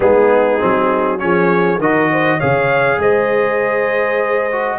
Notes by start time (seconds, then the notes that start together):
0.00 G#3 B3 D#4 G#4
0.59 F#3 C4
1.18 F3 C#4 G#4 C#5
1.78 D#3 F#4 A#4 D#5
2.12 C5
2.37 C#3 G#4 C#5 F5
2.98 G#3 C5 D#5
4.52 F#4